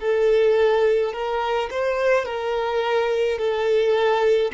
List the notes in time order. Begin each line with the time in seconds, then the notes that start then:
0.00 A4
1.13 A#4
1.70 C5
2.25 A#4
3.38 A4